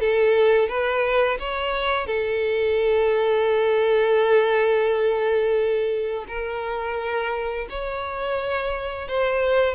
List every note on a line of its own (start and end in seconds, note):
0.00 0.68 A4
0.68 1.38 B4
1.40 2.07 C#5
2.07 6.25 A4
6.28 7.67 A#4
7.70 9.08 C#5
9.08 9.75 C5